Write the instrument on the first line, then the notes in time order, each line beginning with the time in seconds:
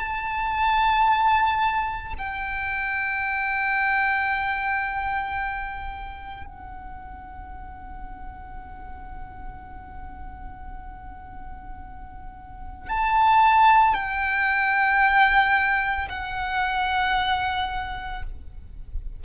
violin
0.00 A5
2.19 G5
6.46 F#5
12.89 A5
13.94 G5
16.09 F#5